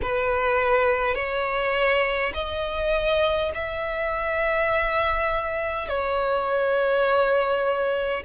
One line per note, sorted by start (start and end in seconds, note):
0.02 1.14 B4
1.14 2.32 C#5
2.34 3.51 D#5
3.54 5.88 E5
5.88 8.24 C#5